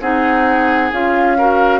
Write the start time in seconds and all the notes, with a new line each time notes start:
0.00 C4 D#4 G#4 F#5
0.91 C#4 F4 F5
1.37 F#4 A#4